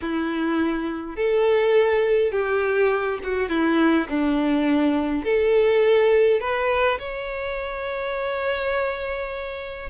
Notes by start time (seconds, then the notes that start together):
0.01 E4
1.16 A4
2.31 G4
3.23 F#4
3.49 E4
4.09 D4
5.23 A4
6.40 B4
6.98 C#5